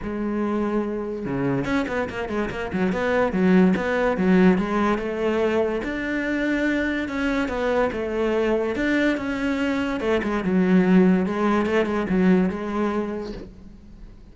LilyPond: \new Staff \with { instrumentName = "cello" } { \time 4/4 \tempo 4 = 144 gis2. cis4 | cis'8 b8 ais8 gis8 ais8 fis8 b4 | fis4 b4 fis4 gis4 | a2 d'2~ |
d'4 cis'4 b4 a4~ | a4 d'4 cis'2 | a8 gis8 fis2 gis4 | a8 gis8 fis4 gis2 | }